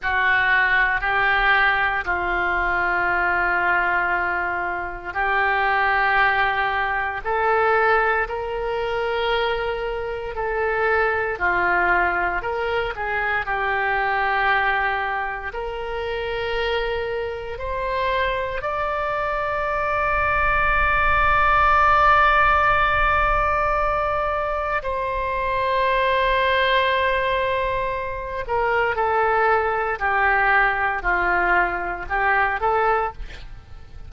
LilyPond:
\new Staff \with { instrumentName = "oboe" } { \time 4/4 \tempo 4 = 58 fis'4 g'4 f'2~ | f'4 g'2 a'4 | ais'2 a'4 f'4 | ais'8 gis'8 g'2 ais'4~ |
ais'4 c''4 d''2~ | d''1 | c''2.~ c''8 ais'8 | a'4 g'4 f'4 g'8 a'8 | }